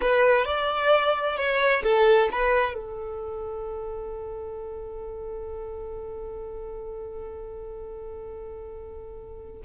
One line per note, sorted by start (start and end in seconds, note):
0.01 0.45 B4
0.45 1.36 D5
1.36 1.82 C#5
1.83 2.29 A4
2.31 2.74 B4
2.74 9.61 A4